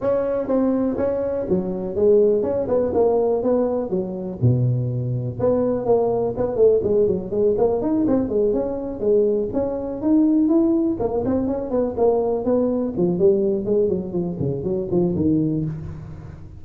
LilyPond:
\new Staff \with { instrumentName = "tuba" } { \time 4/4 \tempo 4 = 123 cis'4 c'4 cis'4 fis4 | gis4 cis'8 b8 ais4 b4 | fis4 b,2 b4 | ais4 b8 a8 gis8 fis8 gis8 ais8 |
dis'8 c'8 gis8 cis'4 gis4 cis'8~ | cis'8 dis'4 e'4 ais8 c'8 cis'8 | b8 ais4 b4 f8 g4 | gis8 fis8 f8 cis8 fis8 f8 dis4 | }